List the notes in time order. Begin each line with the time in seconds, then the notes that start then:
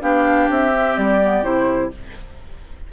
0.00 B3 D4 G4 F5
0.49 C4 E5
0.74 C4
0.97 G3 D5
1.21 B3
1.43 C3 E4 C5